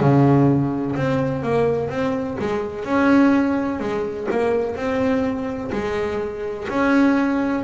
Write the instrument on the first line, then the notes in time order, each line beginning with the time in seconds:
double bass
0.00 C#3
0.96 C4
1.42 A#3
1.89 C4
2.39 G#3
2.84 C#4
3.80 G#3
4.30 A#3
4.76 C4
5.72 G#3
6.68 C#4